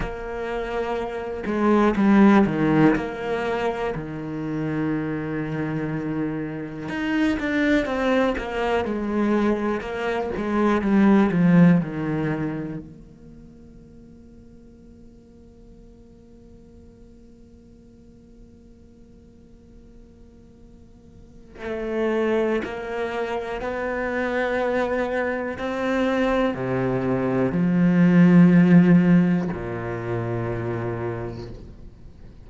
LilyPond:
\new Staff \with { instrumentName = "cello" } { \time 4/4 \tempo 4 = 61 ais4. gis8 g8 dis8 ais4 | dis2. dis'8 d'8 | c'8 ais8 gis4 ais8 gis8 g8 f8 | dis4 ais2.~ |
ais1~ | ais2 a4 ais4 | b2 c'4 c4 | f2 ais,2 | }